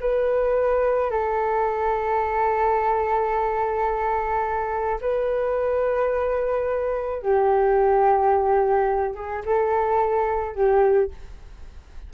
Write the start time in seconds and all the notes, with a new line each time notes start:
0.00 B4
1.11 A4
5.01 B4
7.22 G4
9.15 G#4
9.45 A4
10.55 G4